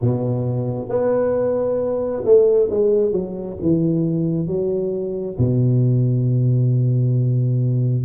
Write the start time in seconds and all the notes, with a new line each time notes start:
0.01 B2
0.88 B3
2.24 A3
2.70 G#3
3.11 F#3
3.61 E3
4.46 F#3
5.38 B2